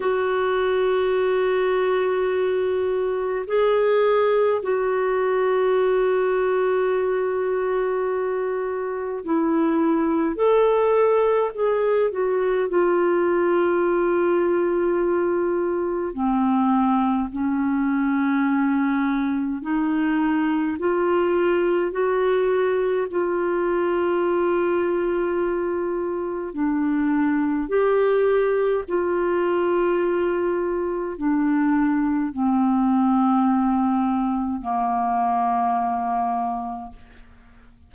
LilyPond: \new Staff \with { instrumentName = "clarinet" } { \time 4/4 \tempo 4 = 52 fis'2. gis'4 | fis'1 | e'4 a'4 gis'8 fis'8 f'4~ | f'2 c'4 cis'4~ |
cis'4 dis'4 f'4 fis'4 | f'2. d'4 | g'4 f'2 d'4 | c'2 ais2 | }